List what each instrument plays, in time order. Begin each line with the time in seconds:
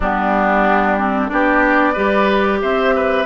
0.00 bassoon G3, clarinet B3, oboe D4, flute G4
0.99 clarinet C4
1.28 bassoon B3, clarinet D4, oboe G4, flute D5
1.93 bassoon G3, clarinet G4, oboe B4
2.61 bassoon C4, oboe C5, flute E5
2.95 oboe B4